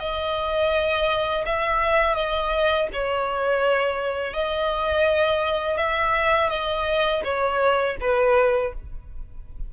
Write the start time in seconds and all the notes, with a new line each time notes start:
0.00 D#5
1.46 E5
2.15 D#5
2.93 C#5
4.33 D#5
5.77 E5
6.50 D#5
7.24 C#5
8.01 B4